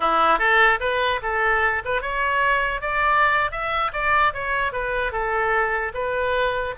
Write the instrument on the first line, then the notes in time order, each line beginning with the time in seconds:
oboe
0.00 E4
0.39 A4
0.80 B4
1.22 A4
1.85 B4
2.01 C#5
2.81 D5
3.51 E5
3.92 D5
4.33 C#5
4.72 B4
5.12 A4
5.94 B4